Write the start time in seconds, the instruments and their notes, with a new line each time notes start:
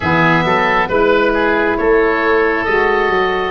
0.00 tuba E3, saxophone B3, oboe G#4 E5
0.44 tuba F#3, oboe A4
0.88 tuba G#3, saxophone E4, oboe B4
1.33 oboe G#4
1.77 tuba A3, oboe A4 C#5
2.65 tuba G#3, saxophone F#4, oboe D#5
3.08 tuba F#3